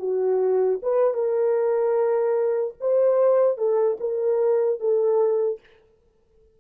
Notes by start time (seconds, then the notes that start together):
0.00 F#4
0.83 B4
1.15 A#4
2.81 C5
3.58 A4
4.00 A#4
4.81 A4